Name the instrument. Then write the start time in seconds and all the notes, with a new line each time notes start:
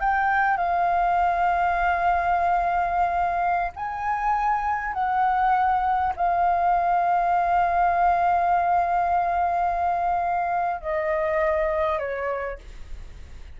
flute
0.00 G5
0.57 F5
3.76 G#5
4.93 F#5
6.16 F5
10.81 D#5
11.98 C#5